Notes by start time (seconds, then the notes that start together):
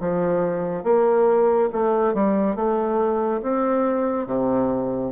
0.00 F3
0.83 A#3
1.72 A3
2.14 G3
2.56 A3
3.42 C4
4.27 C3